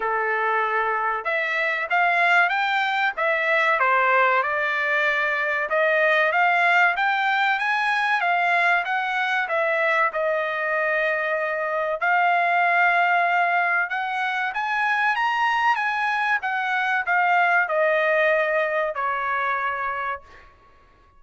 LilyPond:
\new Staff \with { instrumentName = "trumpet" } { \time 4/4 \tempo 4 = 95 a'2 e''4 f''4 | g''4 e''4 c''4 d''4~ | d''4 dis''4 f''4 g''4 | gis''4 f''4 fis''4 e''4 |
dis''2. f''4~ | f''2 fis''4 gis''4 | ais''4 gis''4 fis''4 f''4 | dis''2 cis''2 | }